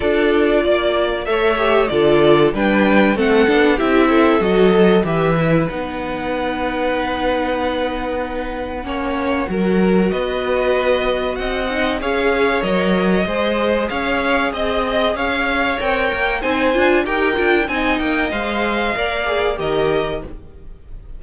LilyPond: <<
  \new Staff \with { instrumentName = "violin" } { \time 4/4 \tempo 4 = 95 d''2 e''4 d''4 | g''4 fis''4 e''4 dis''4 | e''4 fis''2.~ | fis''1 |
dis''2 fis''4 f''4 | dis''2 f''4 dis''4 | f''4 g''4 gis''4 g''4 | gis''8 g''8 f''2 dis''4 | }
  \new Staff \with { instrumentName = "violin" } { \time 4/4 a'4 d''4 cis''4 a'4 | b'4 a'4 g'8 a'4. | b'1~ | b'2 cis''4 ais'4 |
b'2 dis''4 cis''4~ | cis''4 c''4 cis''4 dis''4 | cis''2 c''4 ais'4 | dis''2 d''4 ais'4 | }
  \new Staff \with { instrumentName = "viola" } { \time 4/4 f'2 a'8 g'8 f'4 | d'4 c'8 d'8 e'4 fis'8 a'8 | g'8 e'8 dis'2.~ | dis'2 cis'4 fis'4~ |
fis'2~ fis'8 dis'8 gis'4 | ais'4 gis'2.~ | gis'4 ais'4 dis'8 f'8 g'8 f'8 | dis'4 c''4 ais'8 gis'8 g'4 | }
  \new Staff \with { instrumentName = "cello" } { \time 4/4 d'4 ais4 a4 d4 | g4 a8 b8 c'4 fis4 | e4 b2.~ | b2 ais4 fis4 |
b2 c'4 cis'4 | fis4 gis4 cis'4 c'4 | cis'4 c'8 ais8 c'8 d'8 dis'8 d'8 | c'8 ais8 gis4 ais4 dis4 | }
>>